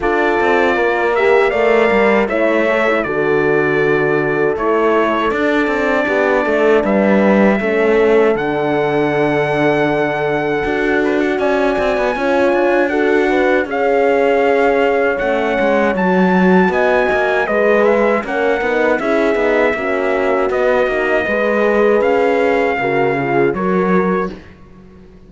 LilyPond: <<
  \new Staff \with { instrumentName = "trumpet" } { \time 4/4 \tempo 4 = 79 d''4. e''8 f''4 e''4 | d''2 cis''4 d''4~ | d''4 e''2 fis''4~ | fis''2~ fis''8 b'16 fis''16 gis''4~ |
gis''4 fis''4 f''2 | fis''4 a''4 gis''4 dis''8 e''8 | fis''4 e''2 dis''4~ | dis''4 f''2 cis''4 | }
  \new Staff \with { instrumentName = "horn" } { \time 4/4 a'4 ais'4 d''4 cis''4 | a'1 | g'8 a'8 b'4 a'2~ | a'2. d''4 |
cis''4 a'8 b'8 cis''2~ | cis''2 dis''4 b'4 | ais'4 gis'4 fis'2 | b'2 ais'8 gis'8 ais'4 | }
  \new Staff \with { instrumentName = "horn" } { \time 4/4 f'4. g'8 ais'4 e'8 a'16 e'16 | fis'2 e'4 d'4~ | d'2 cis'4 d'4~ | d'2 fis'2 |
f'4 fis'4 gis'2 | cis'4 fis'2 gis'4 | cis'8 dis'8 e'8 dis'8 cis'4 b8 dis'8 | gis'2 fis'8 f'8 fis'4 | }
  \new Staff \with { instrumentName = "cello" } { \time 4/4 d'8 c'8 ais4 a8 g8 a4 | d2 a4 d'8 c'8 | b8 a8 g4 a4 d4~ | d2 d'4 cis'8 c'16 b16 |
cis'8 d'4. cis'2 | a8 gis8 fis4 b8 ais8 gis4 | ais8 b8 cis'8 b8 ais4 b8 ais8 | gis4 cis'4 cis4 fis4 | }
>>